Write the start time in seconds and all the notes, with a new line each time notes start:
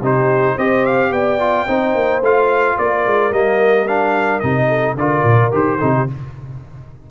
0.00 C3 D#4 G4 C5
0.55 C4 G4 C5 D#5
0.85 F5
1.11 B3 D5 G5
1.39 F4
1.66 C4 D#4 C5
1.94 A#3
2.21 A3 F4 F5
2.78 A#3 A#4 D5
3.06 G#3
3.31 G3 A#3 D#5
3.87 D4 F5
4.39 C3 D#4 D#5
4.67 A4
4.94 D3 F4 A#4 D5
5.23 A#2
5.51 D#3 G4 C5
5.78 C3 D#4 A4
5.95 G4